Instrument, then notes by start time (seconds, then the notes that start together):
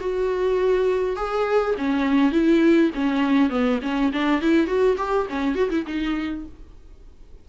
viola
0.00 F#4
1.16 G#4
1.77 C#4
2.32 E4
2.94 C#4
3.50 B3
3.82 C#4
4.12 D4
4.41 E4
4.67 F#4
4.97 G4
5.29 C#4
5.55 F#4
5.70 E4
5.86 D#4